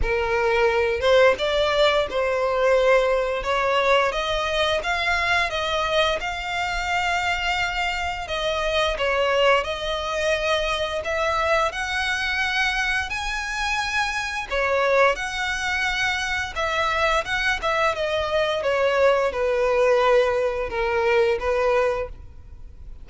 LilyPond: \new Staff \with { instrumentName = "violin" } { \time 4/4 \tempo 4 = 87 ais'4. c''8 d''4 c''4~ | c''4 cis''4 dis''4 f''4 | dis''4 f''2. | dis''4 cis''4 dis''2 |
e''4 fis''2 gis''4~ | gis''4 cis''4 fis''2 | e''4 fis''8 e''8 dis''4 cis''4 | b'2 ais'4 b'4 | }